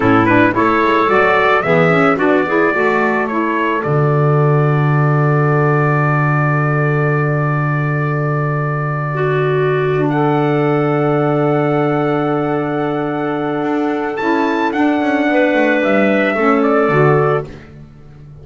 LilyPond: <<
  \new Staff \with { instrumentName = "trumpet" } { \time 4/4 \tempo 4 = 110 a'8 b'8 cis''4 d''4 e''4 | d''2 cis''4 d''4~ | d''1~ | d''1~ |
d''2~ d''8 fis''4.~ | fis''1~ | fis''2 a''4 fis''4~ | fis''4 e''4. d''4. | }
  \new Staff \with { instrumentName = "clarinet" } { \time 4/4 e'4 a'2 gis'4 | fis'8 gis'8 a'2.~ | a'1~ | a'1~ |
a'8. fis'4.~ fis'16 a'4.~ | a'1~ | a'1 | b'2 a'2 | }
  \new Staff \with { instrumentName = "saxophone" } { \time 4/4 cis'8 d'8 e'4 fis'4 b8 cis'8 | d'8 e'8 fis'4 e'4 fis'4~ | fis'1~ | fis'1~ |
fis'2~ fis'16 d'4.~ d'16~ | d'1~ | d'2 e'4 d'4~ | d'2 cis'4 fis'4 | }
  \new Staff \with { instrumentName = "double bass" } { \time 4/4 a,4 a8 gis8 fis4 e4 | b4 a2 d4~ | d1~ | d1~ |
d1~ | d1~ | d4 d'4 cis'4 d'8 cis'8 | b8 a8 g4 a4 d4 | }
>>